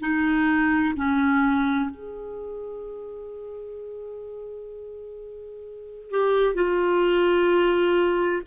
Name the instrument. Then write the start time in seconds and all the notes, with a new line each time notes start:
clarinet
0.00 D#4
0.96 C#4
1.90 G#4
6.10 G4
6.54 F4